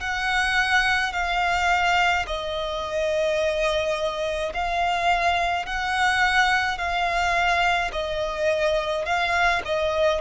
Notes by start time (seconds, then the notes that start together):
0.00 F#5
1.12 F5
2.26 D#5
4.53 F5
5.66 F#5
6.78 F5
7.92 D#5
9.05 F5
9.65 D#5